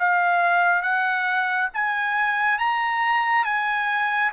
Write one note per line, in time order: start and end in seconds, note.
0.00 0.83 F5
0.83 1.70 F#5
1.74 2.59 G#5
2.59 3.45 A#5
3.45 4.32 G#5